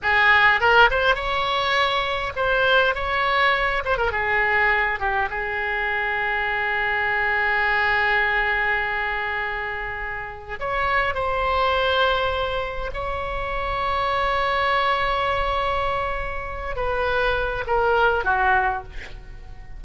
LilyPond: \new Staff \with { instrumentName = "oboe" } { \time 4/4 \tempo 4 = 102 gis'4 ais'8 c''8 cis''2 | c''4 cis''4. c''16 ais'16 gis'4~ | gis'8 g'8 gis'2.~ | gis'1~ |
gis'2 cis''4 c''4~ | c''2 cis''2~ | cis''1~ | cis''8 b'4. ais'4 fis'4 | }